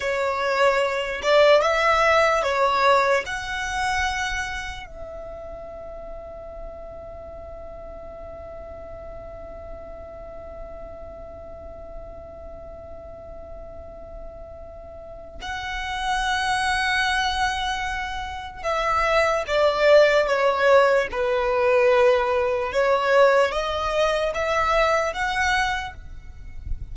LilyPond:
\new Staff \with { instrumentName = "violin" } { \time 4/4 \tempo 4 = 74 cis''4. d''8 e''4 cis''4 | fis''2 e''2~ | e''1~ | e''1~ |
e''2. fis''4~ | fis''2. e''4 | d''4 cis''4 b'2 | cis''4 dis''4 e''4 fis''4 | }